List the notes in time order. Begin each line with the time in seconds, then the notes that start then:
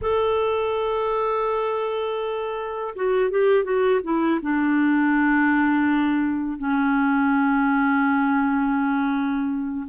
0.01 A4
2.95 F#4
3.30 G4
3.64 F#4
4.03 E4
4.42 D4
6.58 C#4